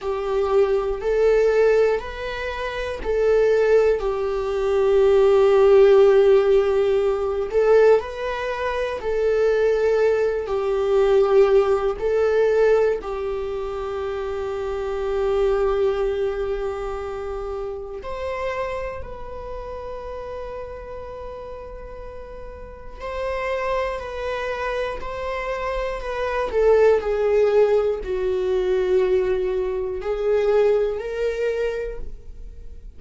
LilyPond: \new Staff \with { instrumentName = "viola" } { \time 4/4 \tempo 4 = 60 g'4 a'4 b'4 a'4 | g'2.~ g'8 a'8 | b'4 a'4. g'4. | a'4 g'2.~ |
g'2 c''4 b'4~ | b'2. c''4 | b'4 c''4 b'8 a'8 gis'4 | fis'2 gis'4 ais'4 | }